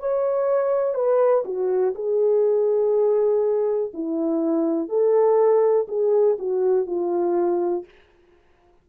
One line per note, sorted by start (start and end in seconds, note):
0.00 0.95 C#5
0.95 1.44 B4
1.45 1.94 F#4
1.95 3.92 G#4
3.94 4.89 E4
4.89 5.87 A4
5.88 6.38 G#4
6.39 6.87 F#4
6.87 7.86 F4